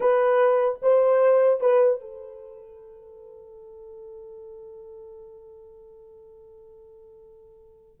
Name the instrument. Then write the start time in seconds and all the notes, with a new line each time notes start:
horn
0.00 B4
0.82 C5
1.60 B4
2.00 A4